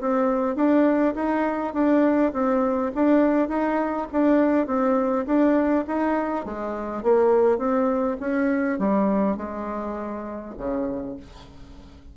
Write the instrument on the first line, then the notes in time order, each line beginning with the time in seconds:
bassoon
0.00 C4
0.55 D4
1.14 D#4
1.73 D4
2.32 C4
2.94 D4
3.48 D#4
4.11 D4
4.67 C4
5.26 D4
5.87 D#4
6.45 G#3
7.02 A#3
7.57 C4
8.20 C#4
8.79 G3
9.37 G#3
10.57 C#3